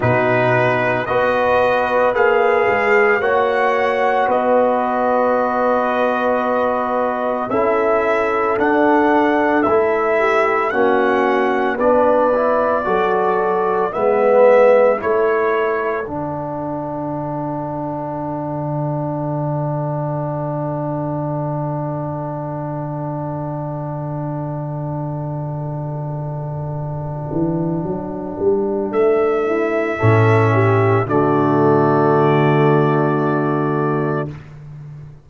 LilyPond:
<<
  \new Staff \with { instrumentName = "trumpet" } { \time 4/4 \tempo 4 = 56 b'4 dis''4 f''4 fis''4 | dis''2. e''4 | fis''4 e''4 fis''4 d''4~ | d''4 e''4 cis''4 fis''4~ |
fis''1~ | fis''1~ | fis''2. e''4~ | e''4 d''2. | }
  \new Staff \with { instrumentName = "horn" } { \time 4/4 fis'4 b'2 cis''4 | b'2. a'4~ | a'4. g'8 fis'4 b'4 | a'4 b'4 a'2~ |
a'1~ | a'1~ | a'2.~ a'8 e'8 | a'8 g'8 fis'2. | }
  \new Staff \with { instrumentName = "trombone" } { \time 4/4 dis'4 fis'4 gis'4 fis'4~ | fis'2. e'4 | d'4 e'4 cis'4 d'8 e'8 | fis'4 b4 e'4 d'4~ |
d'1~ | d'1~ | d'1 | cis'4 a2. | }
  \new Staff \with { instrumentName = "tuba" } { \time 4/4 b,4 b4 ais8 gis8 ais4 | b2. cis'4 | d'4 a4 ais4 b4 | fis4 gis4 a4 d4~ |
d1~ | d1~ | d4. e8 fis8 g8 a4 | a,4 d2. | }
>>